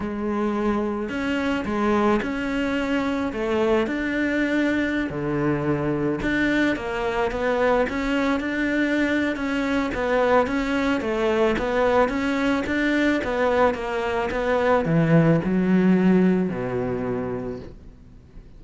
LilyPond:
\new Staff \with { instrumentName = "cello" } { \time 4/4 \tempo 4 = 109 gis2 cis'4 gis4 | cis'2 a4 d'4~ | d'4~ d'16 d2 d'8.~ | d'16 ais4 b4 cis'4 d'8.~ |
d'4 cis'4 b4 cis'4 | a4 b4 cis'4 d'4 | b4 ais4 b4 e4 | fis2 b,2 | }